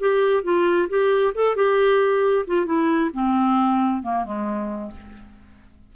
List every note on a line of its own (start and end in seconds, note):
0.00 0.43 G4
0.43 0.88 F4
0.89 1.34 G4
1.35 1.56 A4
1.56 2.45 G4
2.47 2.66 F4
2.66 3.11 E4
3.14 4.03 C4
4.03 4.25 A#3
4.25 4.92 G#3